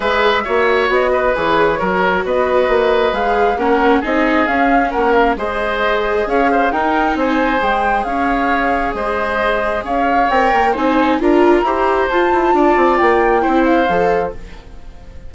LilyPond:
<<
  \new Staff \with { instrumentName = "flute" } { \time 4/4 \tempo 4 = 134 e''2 dis''4 cis''4~ | cis''4 dis''2 f''4 | fis''4 dis''4 f''4 fis''8 f''8 | dis''2 f''4 g''4 |
gis''4 g''4 f''2 | dis''2 f''4 g''4 | gis''4 ais''2 a''4~ | a''4 g''4. f''4. | }
  \new Staff \with { instrumentName = "oboe" } { \time 4/4 b'4 cis''4. b'4. | ais'4 b'2. | ais'4 gis'2 ais'4 | c''2 cis''8 c''8 ais'4 |
c''2 cis''2 | c''2 cis''2 | c''4 ais'4 c''2 | d''2 c''2 | }
  \new Staff \with { instrumentName = "viola" } { \time 4/4 gis'4 fis'2 gis'4 | fis'2. gis'4 | cis'4 dis'4 cis'2 | gis'2. dis'4~ |
dis'4 gis'2.~ | gis'2. ais'4 | dis'4 f'4 g'4 f'4~ | f'2 e'4 a'4 | }
  \new Staff \with { instrumentName = "bassoon" } { \time 4/4 gis4 ais4 b4 e4 | fis4 b4 ais4 gis4 | ais4 c'4 cis'4 ais4 | gis2 cis'4 dis'4 |
c'4 gis4 cis'2 | gis2 cis'4 c'8 ais8 | c'4 d'4 e'4 f'8 e'8 | d'8 c'8 ais4 c'4 f4 | }
>>